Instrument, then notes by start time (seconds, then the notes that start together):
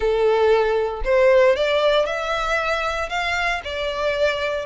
violin
0.00 A4
1.04 C5
1.55 D5
2.05 E5
3.09 F5
3.64 D5